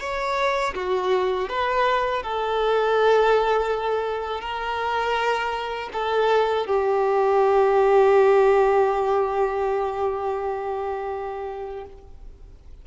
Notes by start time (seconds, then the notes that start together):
0.00 C#5
0.75 F#4
1.49 B4
2.23 A4
4.41 A#4
5.93 A4
6.67 G4